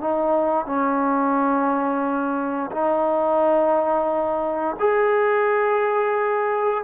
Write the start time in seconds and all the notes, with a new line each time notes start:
0.00 D#4
0.66 C#4
2.72 D#4
4.79 G#4